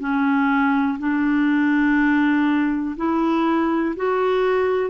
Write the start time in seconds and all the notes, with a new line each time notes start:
0.00 C#4
0.99 D4
2.97 E4
3.97 F#4